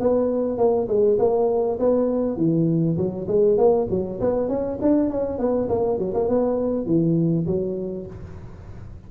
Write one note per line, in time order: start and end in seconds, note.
0.00 0.58 B3
0.58 0.88 A#3
0.88 1.18 G#3
1.19 1.79 A#3
1.79 2.37 B3
2.37 2.97 E3
2.97 3.27 F#3
3.28 3.58 G#3
3.58 3.88 A#3
3.90 4.20 F#3
4.20 4.48 B3
4.48 4.78 C#4
4.82 5.10 D4
5.10 5.38 C#4
5.38 5.68 B3
5.69 5.98 A#3
5.98 6.13 F#3
6.14 6.28 A#3
6.28 6.86 B3
6.86 7.46 E3
7.46 8.06 F#3